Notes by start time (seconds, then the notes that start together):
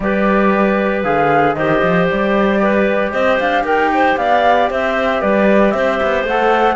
0.00 G3 G4 B4 D5
1.03 D3 G#4 F5
1.54 D#3 G4 C5 D#5
1.82 F3
2.10 G3 D5
2.62 B4
3.11 C4 C5 D#5
3.39 D4 F5
3.63 D#4 A#4 G5
3.93 C5
4.17 B3 D5 F5
4.69 C4 C5 E5
5.21 G3 B4 D5
5.71 C4 C5 E5
6.02 B3
6.23 A3 A4 F#5